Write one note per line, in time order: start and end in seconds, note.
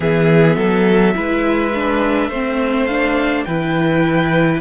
0.00 0.56 E3
0.00 1.14 B3
0.00 0.56 G#4
0.00 2.86 E5
0.56 1.14 F#3
0.56 1.13 A4
1.14 2.29 G#3
1.14 1.71 E4
1.14 2.29 B4
1.74 2.32 D4
2.29 3.44 A3
2.29 2.89 C4
2.29 3.44 C5
2.86 3.46 D4
2.86 3.44 F5
3.44 4.61 E3
3.44 4.61 E4
3.44 4.61 B4
3.44 4.60 G5